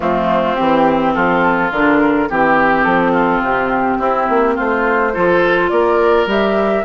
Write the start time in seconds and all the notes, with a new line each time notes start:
0.00 F3 A3 C4 F4
0.55 E3 C4 G4
1.14 F3 F4 A4
1.71 D3 D4 A#4
2.29 E3 C4 G4
2.84 F3 A4
3.12 F4
3.41 C3 G4
3.98 C4 E4
4.29 A#3
4.55 A3 F4 C5
5.13 F3 F4 A4
5.69 A#3 A#4 D5
6.26 G3 G4 E5